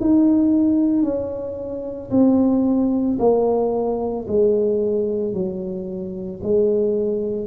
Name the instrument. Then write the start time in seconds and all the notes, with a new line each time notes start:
tuba
0.00 D#4
1.03 C#4
2.10 C4
3.19 A#3
4.28 G#3
5.33 F#3
6.43 G#3